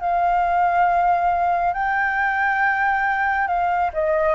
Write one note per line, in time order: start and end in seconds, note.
0.00 1.73 F5
1.73 3.47 G5
3.47 3.91 F5
3.93 4.35 D#5